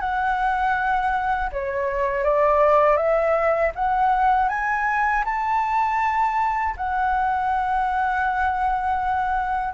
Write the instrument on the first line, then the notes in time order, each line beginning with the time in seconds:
flute
0.00 F#5
1.52 C#5
2.24 D5
2.97 E5
3.75 F#5
4.49 G#5
5.25 A5
6.77 F#5